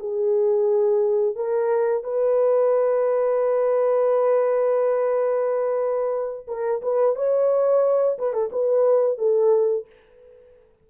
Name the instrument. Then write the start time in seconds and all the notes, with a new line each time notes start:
horn
0.00 G#4
1.36 A#4
2.04 B4
6.48 A#4
6.82 B4
7.16 C#5
8.19 B4
8.34 A4
8.53 B4
9.19 A4